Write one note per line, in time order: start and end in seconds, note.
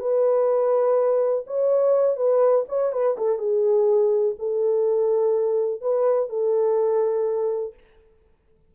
0.00 1.45 B4
1.47 2.17 C#5
2.17 2.65 B4
2.69 2.93 C#5
2.93 3.17 B4
3.18 3.39 A4
3.39 4.36 G#4
4.39 5.82 A4
5.82 6.29 B4
6.29 7.74 A4